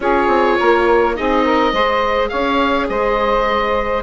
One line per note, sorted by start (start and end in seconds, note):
0.00 0.27 C#4
0.00 1.15 F4
0.00 0.58 G#4
0.00 1.16 C#5
0.27 0.56 C4
0.58 1.18 A#3
0.58 1.16 A#4
1.15 1.72 C4
1.15 1.73 D#4
1.15 1.44 G#4
1.15 2.28 D#5
1.44 1.72 A#4
1.72 2.30 G#3
1.72 4.03 G#4
1.72 2.30 C5
2.28 2.89 C#4
2.28 2.88 C#5
2.28 2.86 F5
2.89 4.03 G#3
2.89 4.03 C5
2.89 4.03 D#5